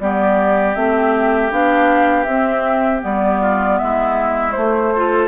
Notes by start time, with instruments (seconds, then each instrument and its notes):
0.00 bassoon G3, clarinet B3, oboe G4, flute D5
0.75 bassoon A3, clarinet C4, flute E5
1.51 bassoon B3, clarinet D4, flute F5
2.25 bassoon C4, clarinet C4, flute E5
3.00 bassoon G3, clarinet B3, flute D5
3.41 oboe F4
3.78 bassoon G#3, oboe E4, flute E5
4.52 clarinet A3, bassoon A3, flute C5
4.95 clarinet F4, oboe A4